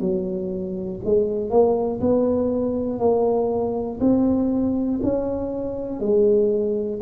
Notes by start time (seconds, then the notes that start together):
0.00 F#3
1.05 G#3
1.50 A#3
2.01 B3
2.99 A#3
4.00 C4
5.03 C#4
6.00 G#3